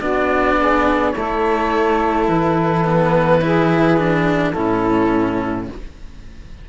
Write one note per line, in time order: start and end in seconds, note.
0.00 1.14 B3
0.00 1.13 D4
0.00 0.57 F#4
0.00 1.11 D5
0.58 1.14 G#4
1.11 2.28 A3
1.11 3.41 A4
1.11 2.24 C#5
1.18 2.84 E4
2.28 4.54 E3
2.28 4.52 B4
2.84 3.41 B3
3.41 3.97 E4
3.41 4.52 G#4
3.97 4.54 D4
4.52 5.69 A2
4.52 5.67 C#4
4.52 5.65 E4
4.52 5.65 A4